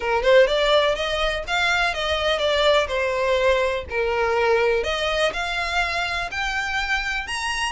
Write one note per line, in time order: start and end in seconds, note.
0.00 0.22 A#4
0.23 0.47 C5
0.47 0.95 D5
0.95 1.43 D#5
1.47 1.94 F5
1.94 2.38 D#5
2.38 2.87 D5
2.87 3.84 C5
3.90 4.83 A#4
4.83 5.31 D#5
5.33 6.29 F5
6.31 7.27 G5
7.27 7.72 A#5